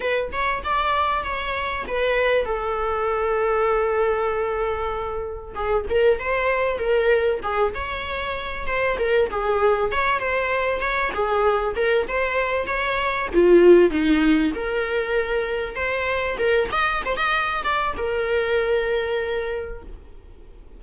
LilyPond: \new Staff \with { instrumentName = "viola" } { \time 4/4 \tempo 4 = 97 b'8 cis''8 d''4 cis''4 b'4 | a'1~ | a'4 gis'8 ais'8 c''4 ais'4 | gis'8 cis''4. c''8 ais'8 gis'4 |
cis''8 c''4 cis''8 gis'4 ais'8 c''8~ | c''8 cis''4 f'4 dis'4 ais'8~ | ais'4. c''4 ais'8 dis''8 c''16 dis''16~ | dis''8 d''8 ais'2. | }